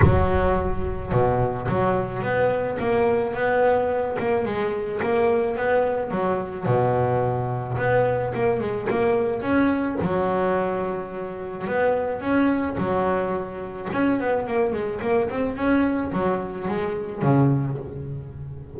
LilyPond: \new Staff \with { instrumentName = "double bass" } { \time 4/4 \tempo 4 = 108 fis2 b,4 fis4 | b4 ais4 b4. ais8 | gis4 ais4 b4 fis4 | b,2 b4 ais8 gis8 |
ais4 cis'4 fis2~ | fis4 b4 cis'4 fis4~ | fis4 cis'8 b8 ais8 gis8 ais8 c'8 | cis'4 fis4 gis4 cis4 | }